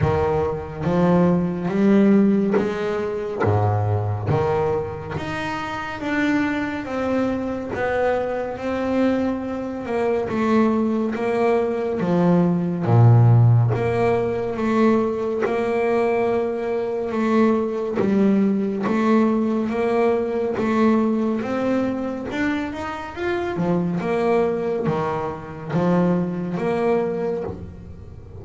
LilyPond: \new Staff \with { instrumentName = "double bass" } { \time 4/4 \tempo 4 = 70 dis4 f4 g4 gis4 | gis,4 dis4 dis'4 d'4 | c'4 b4 c'4. ais8 | a4 ais4 f4 ais,4 |
ais4 a4 ais2 | a4 g4 a4 ais4 | a4 c'4 d'8 dis'8 f'8 f8 | ais4 dis4 f4 ais4 | }